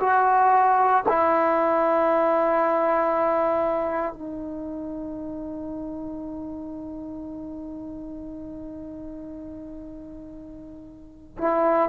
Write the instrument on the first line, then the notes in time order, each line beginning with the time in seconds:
trombone
0.00 F#4
1.08 E4
4.12 D#4
11.38 E4